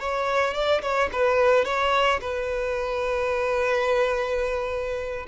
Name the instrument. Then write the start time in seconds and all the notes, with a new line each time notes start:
violin
0.00 C#5
0.54 D5
0.82 C#5
1.13 B4
1.65 C#5
2.21 B4